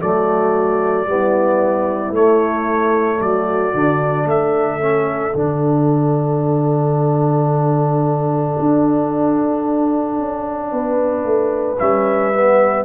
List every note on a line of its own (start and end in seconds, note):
0.00 1.05 F#3
0.00 1.06 A3
0.00 1.08 F#4
0.00 2.15 D5
1.05 2.11 G3
1.05 2.13 B3
1.05 3.21 E4
2.11 3.18 A3
2.11 3.73 A3
2.11 3.21 C#5
3.21 3.74 F#3
3.21 4.27 F#4
3.21 4.28 D5
3.73 4.25 D3
3.73 4.80 D4
4.25 5.32 A3
4.25 10.70 A4
4.25 5.35 E5
4.80 5.33 C#4
5.34 8.56 D3
5.34 11.77 D4
5.34 11.78 F#5
8.59 10.19 D4
10.19 10.72 C#4
10.72 11.25 B3
10.72 12.85 B4
11.25 11.78 A3
11.79 12.85 G3
11.79 12.33 C#4
11.79 12.85 E5
12.34 12.85 B3